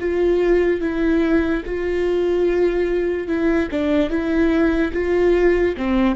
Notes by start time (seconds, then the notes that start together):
0.00 F4
0.81 E4
1.65 F4
3.28 E4
3.71 D4
4.10 E4
4.93 F4
5.77 C4